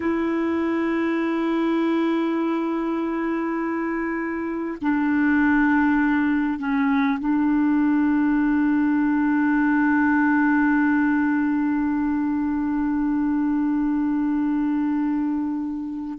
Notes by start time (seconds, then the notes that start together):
0.00 E4
4.81 D4
6.58 C#4
7.19 D4